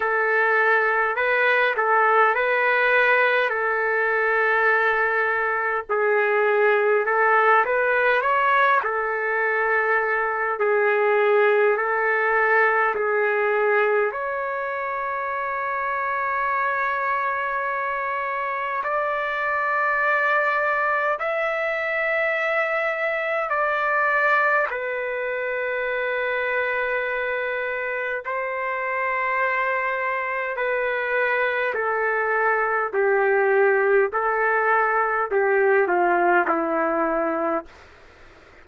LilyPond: \new Staff \with { instrumentName = "trumpet" } { \time 4/4 \tempo 4 = 51 a'4 b'8 a'8 b'4 a'4~ | a'4 gis'4 a'8 b'8 cis''8 a'8~ | a'4 gis'4 a'4 gis'4 | cis''1 |
d''2 e''2 | d''4 b'2. | c''2 b'4 a'4 | g'4 a'4 g'8 f'8 e'4 | }